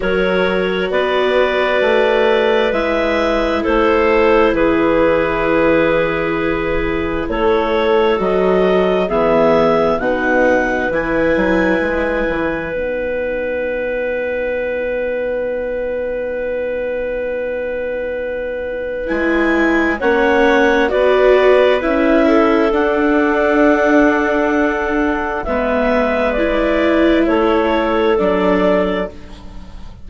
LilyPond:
<<
  \new Staff \with { instrumentName = "clarinet" } { \time 4/4 \tempo 4 = 66 cis''4 d''2 e''4 | c''4 b'2. | cis''4 dis''4 e''4 fis''4 | gis''2 fis''2~ |
fis''1~ | fis''4 gis''4 fis''4 d''4 | e''4 fis''2. | e''4 d''4 cis''4 d''4 | }
  \new Staff \with { instrumentName = "clarinet" } { \time 4/4 ais'4 b'2. | a'4 gis'2. | a'2 gis'4 b'4~ | b'1~ |
b'1~ | b'2 cis''4 b'4~ | b'8 a'2.~ a'8 | b'2 a'2 | }
  \new Staff \with { instrumentName = "viola" } { \time 4/4 fis'2. e'4~ | e'1~ | e'4 fis'4 b4 dis'4 | e'2 dis'2~ |
dis'1~ | dis'4 e'4 cis'4 fis'4 | e'4 d'2. | b4 e'2 d'4 | }
  \new Staff \with { instrumentName = "bassoon" } { \time 4/4 fis4 b4 a4 gis4 | a4 e2. | a4 fis4 e4 b,4 | e8 fis8 gis8 e8 b2~ |
b1~ | b4 gis4 ais4 b4 | cis'4 d'2. | gis2 a4 fis4 | }
>>